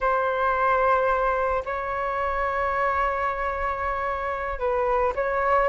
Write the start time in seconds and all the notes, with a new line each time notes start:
0.00 C5
1.65 C#5
4.59 B4
5.15 C#5